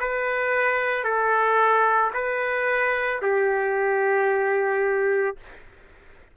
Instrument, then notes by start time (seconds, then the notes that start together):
trumpet
0.00 B4
1.04 A4
2.14 B4
3.22 G4